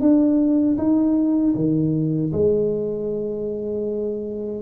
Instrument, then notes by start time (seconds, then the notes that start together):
tuba
0.00 D4
0.78 D#4
1.55 D#3
2.32 G#3